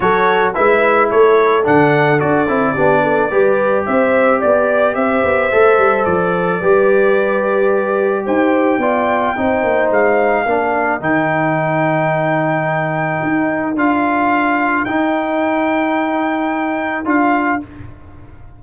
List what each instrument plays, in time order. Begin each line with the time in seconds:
0.00 tuba F#3, trombone F#4, horn A4, trumpet C#5
0.53 tuba G#3, trombone E4, horn B4, trumpet E5
1.10 tuba A3, horn A4, trumpet C#5
1.63 tuba D3, trombone D4, trumpet F#5
2.19 tuba D4, trombone F#4, trumpet D5
2.47 tuba C4, trombone E4
2.73 tuba B3, trombone D4, horn G4
3.02 horn A4
3.30 tuba G3, trombone G4, horn B4
3.85 tuba C4, horn C5, trumpet E5
4.39 tuba B3, horn D5, trumpet D5
4.94 tuba C4, horn C5, trumpet E5
5.23 tuba B3
5.51 tuba A3, trombone A4
5.77 tuba G3
6.04 tuba F3, trumpet D5
6.59 tuba G3, trombone G4, horn B4
8.24 tuba D#4, horn C5, trumpet G5
8.78 tuba B3, trombone F4, horn D5
9.36 tuba C4, trombone D#4, horn C5
9.63 tuba A#3
9.90 tuba G#3, trumpet F5
10.45 tuba A#3, trombone D4, horn A#4
11.00 tuba D#3, trombone D#4, trumpet G5
13.22 tuba D#4
13.75 tuba D4, trombone F4, trumpet F5
14.84 tuba D#4, trombone D#4, trumpet G5
17.04 tuba D4, trombone F4, trumpet F5